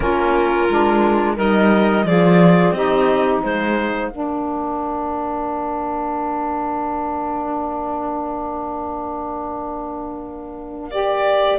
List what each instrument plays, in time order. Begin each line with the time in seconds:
0.00 cello A#3, saxophone C#4, clarinet F4, violin A#4
0.69 cello G#3, saxophone D4
1.36 cello G3, saxophone D#4, clarinet A#4, violin D#5
2.03 cello F3, saxophone F4, clarinet G#4, violin D5
2.71 cello C4, saxophone D#4, clarinet G4, violin D#5
3.41 cello G#3, clarinet C5, violin F5
4.09 cello A#3, saxophone D4, clarinet A#4
10.90 saxophone G4, violin D5